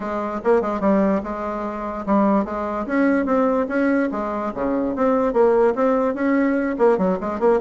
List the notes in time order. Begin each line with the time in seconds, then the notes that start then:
0.00 G#3
0.44 A#3
0.61 G#3
0.80 G3
1.23 G#3
2.05 G3
2.45 G#3
2.86 C#4
3.25 C4
3.68 C#4
4.11 G#3
4.54 C#3
4.95 C4
5.33 A#3
5.75 C4
6.14 C#4
6.78 A#3
6.98 F#3
7.20 G#3
7.39 A#3